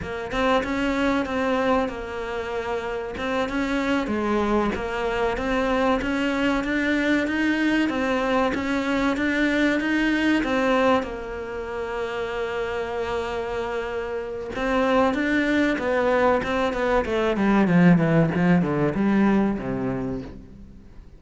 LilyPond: \new Staff \with { instrumentName = "cello" } { \time 4/4 \tempo 4 = 95 ais8 c'8 cis'4 c'4 ais4~ | ais4 c'8 cis'4 gis4 ais8~ | ais8 c'4 cis'4 d'4 dis'8~ | dis'8 c'4 cis'4 d'4 dis'8~ |
dis'8 c'4 ais2~ ais8~ | ais2. c'4 | d'4 b4 c'8 b8 a8 g8 | f8 e8 f8 d8 g4 c4 | }